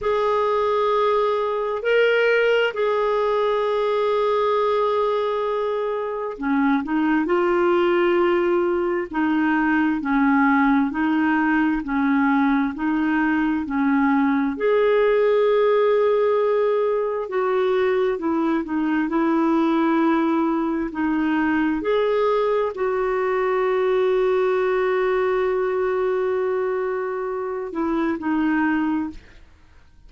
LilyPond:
\new Staff \with { instrumentName = "clarinet" } { \time 4/4 \tempo 4 = 66 gis'2 ais'4 gis'4~ | gis'2. cis'8 dis'8 | f'2 dis'4 cis'4 | dis'4 cis'4 dis'4 cis'4 |
gis'2. fis'4 | e'8 dis'8 e'2 dis'4 | gis'4 fis'2.~ | fis'2~ fis'8 e'8 dis'4 | }